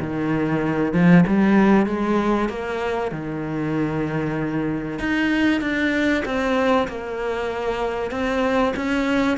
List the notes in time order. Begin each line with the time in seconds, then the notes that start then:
0.00 D#3
0.93 F3
1.27 G3
1.86 G#3
2.49 A#3
3.11 D#3
4.99 D#4
5.61 D4
6.25 C4
6.88 A#3
8.11 C4
8.76 C#4